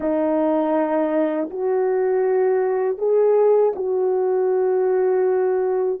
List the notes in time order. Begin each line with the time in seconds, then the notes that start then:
0.00 D#4
1.50 F#4
2.98 G#4
3.75 F#4